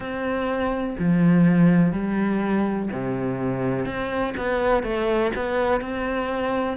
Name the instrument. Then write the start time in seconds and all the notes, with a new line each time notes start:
cello
0.00 C4
0.99 F3
1.92 G3
2.92 C3
3.85 C4
4.37 B3
4.83 A3
5.35 B3
5.81 C4